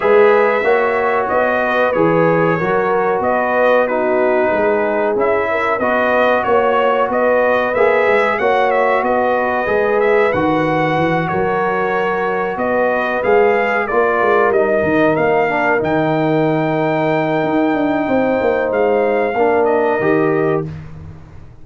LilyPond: <<
  \new Staff \with { instrumentName = "trumpet" } { \time 4/4 \tempo 4 = 93 e''2 dis''4 cis''4~ | cis''4 dis''4 b'2 | e''4 dis''4 cis''4 dis''4 | e''4 fis''8 e''8 dis''4. e''8 |
fis''4. cis''2 dis''8~ | dis''8 f''4 d''4 dis''4 f''8~ | f''8 g''2.~ g''8~ | g''4 f''4. dis''4. | }
  \new Staff \with { instrumentName = "horn" } { \time 4/4 b'4 cis''4. b'4. | ais'4 b'4 fis'4 gis'4~ | gis'8 ais'8 b'4 cis''4 b'4~ | b'4 cis''4 b'2~ |
b'4. ais'2 b'8~ | b'4. ais'2~ ais'8~ | ais'1 | c''2 ais'2 | }
  \new Staff \with { instrumentName = "trombone" } { \time 4/4 gis'4 fis'2 gis'4 | fis'2 dis'2 | e'4 fis'2. | gis'4 fis'2 gis'4 |
fis'1~ | fis'8 gis'4 f'4 dis'4. | d'8 dis'2.~ dis'8~ | dis'2 d'4 g'4 | }
  \new Staff \with { instrumentName = "tuba" } { \time 4/4 gis4 ais4 b4 e4 | fis4 b2 gis4 | cis'4 b4 ais4 b4 | ais8 gis8 ais4 b4 gis4 |
dis4 e8 fis2 b8~ | b8 gis4 ais8 gis8 g8 dis8 ais8~ | ais8 dis2~ dis8 dis'8 d'8 | c'8 ais8 gis4 ais4 dis4 | }
>>